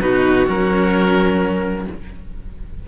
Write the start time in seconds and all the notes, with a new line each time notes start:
0.00 B2 D#4 F#4 B4
0.47 F#3 C#4 A#4